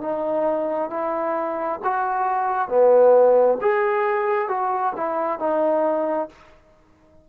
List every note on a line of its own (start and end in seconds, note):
0.00 0.90 D#4
0.90 1.80 E4
1.84 2.68 F#4
2.68 3.57 B3
3.61 4.48 G#4
4.48 4.93 F#4
4.96 5.39 E4
5.39 6.28 D#4